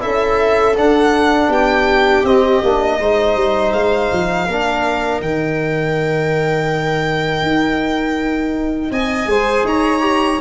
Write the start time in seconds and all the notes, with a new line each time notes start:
0.00 C#4 E4 A4 E5
0.76 D4 F#5
1.48 B3 G4 G5
2.24 C4 D#5
2.63 A#3 D4
3.00 G#3 D#4 C5
3.36 G3
3.73 G#3 F5
4.12 F3
4.47 A#3 D4 A#4
5.21 D#3 D#4 G5
7.42 D#4
8.91 C4 D#5 G#5
9.26 G#3 G#4 C5
9.65 D#4 C#5 A#5
10.01 G4